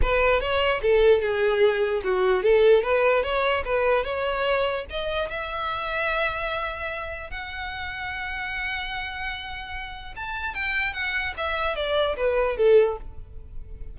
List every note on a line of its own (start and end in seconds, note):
0.01 0.40 B4
0.40 0.81 C#5
0.81 1.21 A4
1.21 2.02 G#4
2.04 2.43 F#4
2.43 2.82 A4
2.82 3.23 B4
3.23 3.63 C#5
3.64 4.04 B4
4.04 4.85 C#5
4.90 5.29 D#5
5.29 7.30 E5
7.30 10.14 F#5
10.16 10.54 A5
10.54 10.93 G5
10.93 11.33 F#5
11.37 11.75 E5
11.75 12.16 D5
12.16 12.57 B4
12.57 12.97 A4